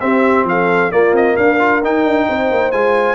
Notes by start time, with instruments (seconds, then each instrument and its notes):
0.00 trombone C4, tuba C4, horn G4, trumpet E5
0.44 tuba F3, horn A4, trumpet F5
0.92 trombone A#3, tuba A#3, horn F4, trumpet D5
1.13 tuba C4, trumpet D#5
1.36 tuba D4, horn A#4, trumpet F5
1.59 trombone F4
1.82 tuba D#4, trombone D#4, trumpet G5
2.05 tuba D4
2.29 tuba C4, horn C5
2.51 tuba A#3
2.72 tuba G#3, trombone F4, trumpet G#5